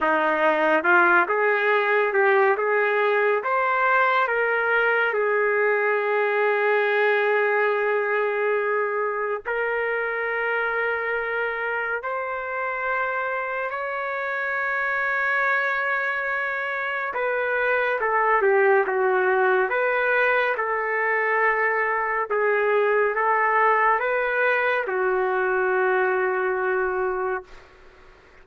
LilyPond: \new Staff \with { instrumentName = "trumpet" } { \time 4/4 \tempo 4 = 70 dis'4 f'8 gis'4 g'8 gis'4 | c''4 ais'4 gis'2~ | gis'2. ais'4~ | ais'2 c''2 |
cis''1 | b'4 a'8 g'8 fis'4 b'4 | a'2 gis'4 a'4 | b'4 fis'2. | }